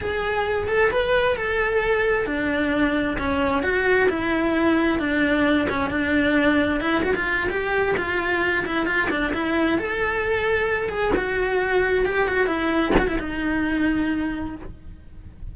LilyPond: \new Staff \with { instrumentName = "cello" } { \time 4/4 \tempo 4 = 132 gis'4. a'8 b'4 a'4~ | a'4 d'2 cis'4 | fis'4 e'2 d'4~ | d'8 cis'8 d'2 e'8 fis'16 f'16~ |
f'8 g'4 f'4. e'8 f'8 | d'8 e'4 a'2~ a'8 | gis'8 fis'2 g'8 fis'8 e'8~ | e'8 fis'16 e'16 dis'2. | }